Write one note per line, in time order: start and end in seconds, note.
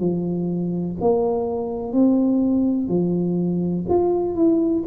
0.00 0.97 F3
1.01 1.93 A#3
1.93 2.89 C4
2.89 3.85 F3
3.89 4.35 F4
4.35 4.84 E4